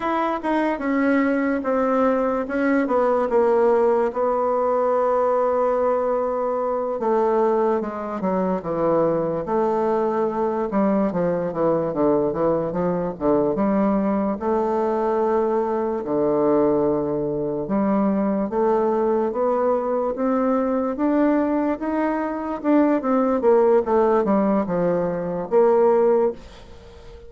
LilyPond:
\new Staff \with { instrumentName = "bassoon" } { \time 4/4 \tempo 4 = 73 e'8 dis'8 cis'4 c'4 cis'8 b8 | ais4 b2.~ | b8 a4 gis8 fis8 e4 a8~ | a4 g8 f8 e8 d8 e8 f8 |
d8 g4 a2 d8~ | d4. g4 a4 b8~ | b8 c'4 d'4 dis'4 d'8 | c'8 ais8 a8 g8 f4 ais4 | }